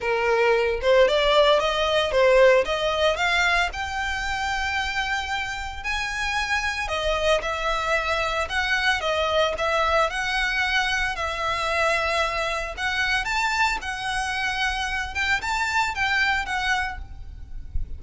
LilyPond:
\new Staff \with { instrumentName = "violin" } { \time 4/4 \tempo 4 = 113 ais'4. c''8 d''4 dis''4 | c''4 dis''4 f''4 g''4~ | g''2. gis''4~ | gis''4 dis''4 e''2 |
fis''4 dis''4 e''4 fis''4~ | fis''4 e''2. | fis''4 a''4 fis''2~ | fis''8 g''8 a''4 g''4 fis''4 | }